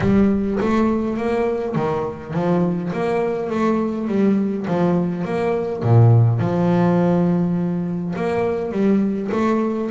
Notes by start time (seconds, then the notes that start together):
0.00 G3
0.60 A3
1.17 A#3
1.75 D#3
2.33 F3
2.93 A#3
3.50 A3
4.07 G3
4.67 F3
5.24 A#3
5.82 A#2
6.39 F3
8.16 A#3
8.71 G3
9.32 A3